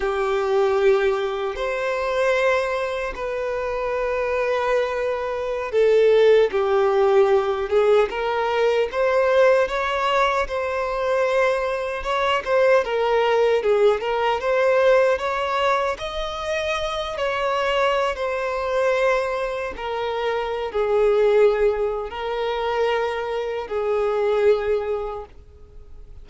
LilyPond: \new Staff \with { instrumentName = "violin" } { \time 4/4 \tempo 4 = 76 g'2 c''2 | b'2.~ b'16 a'8.~ | a'16 g'4. gis'8 ais'4 c''8.~ | c''16 cis''4 c''2 cis''8 c''16~ |
c''16 ais'4 gis'8 ais'8 c''4 cis''8.~ | cis''16 dis''4. cis''4~ cis''16 c''4~ | c''4 ais'4~ ais'16 gis'4.~ gis'16 | ais'2 gis'2 | }